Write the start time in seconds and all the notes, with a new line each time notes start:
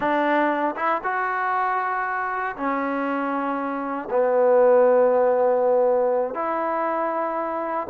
0.00 D4
0.76 E4
1.03 F#4
2.56 C#4
4.10 B3
6.34 E4